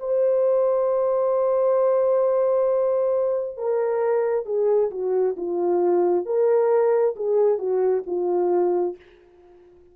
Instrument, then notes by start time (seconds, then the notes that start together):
horn
0.00 C5
3.57 A#4
4.46 G#4
4.91 F#4
5.37 F4
6.26 A#4
7.16 G#4
7.59 F#4
8.07 F4